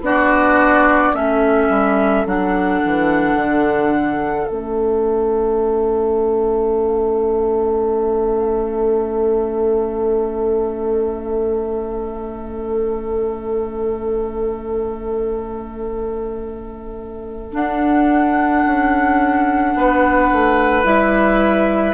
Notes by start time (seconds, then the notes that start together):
0.00 B3 D4 F#4 D5
1.13 A3 C#4 A4 E5
1.69 G3
2.25 F#3 D4 F#5
2.85 E3
3.34 D3
4.45 A3 C#4 E5
17.51 D4 F#5
18.65 C#4
19.75 B3 B4
20.32 A3
20.84 G3 E4 E5